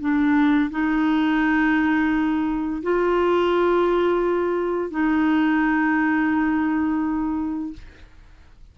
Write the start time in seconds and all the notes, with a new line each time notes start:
0.00 D4
0.71 D#4
2.83 F4
4.91 D#4